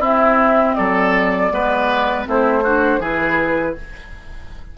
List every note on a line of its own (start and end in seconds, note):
0.00 0.75 C4
0.00 1.50 C4
0.00 0.75 E4
0.00 0.75 E5
0.75 1.51 F#3
0.75 1.53 A4
0.75 2.25 D5
1.50 2.26 G#3
1.50 2.25 B3
1.50 2.28 B4
2.25 2.99 A3
2.25 2.62 C4
2.25 2.64 E4
2.25 3.03 C5
2.64 3.01 D4
2.64 3.00 F#4
2.99 3.74 E3
2.99 3.76 E4
2.99 3.75 G#4
2.99 3.78 B4